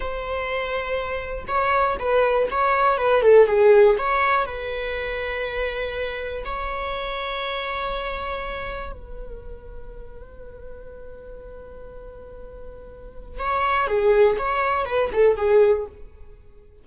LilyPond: \new Staff \with { instrumentName = "viola" } { \time 4/4 \tempo 4 = 121 c''2. cis''4 | b'4 cis''4 b'8 a'8 gis'4 | cis''4 b'2.~ | b'4 cis''2.~ |
cis''2 b'2~ | b'1~ | b'2. cis''4 | gis'4 cis''4 b'8 a'8 gis'4 | }